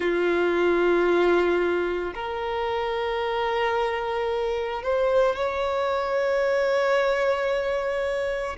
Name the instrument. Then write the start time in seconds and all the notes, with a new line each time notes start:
violin
0.00 F4
2.14 A#4
4.83 C5
5.35 C#5